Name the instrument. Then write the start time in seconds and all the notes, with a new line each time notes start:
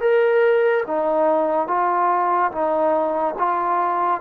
trombone
0.00 A#4
0.86 D#4
1.67 F4
2.52 D#4
3.38 F4